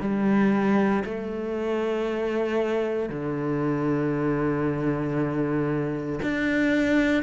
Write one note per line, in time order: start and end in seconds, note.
0.00 1.03 G3
1.04 3.08 A3
3.08 6.19 D3
6.22 7.22 D4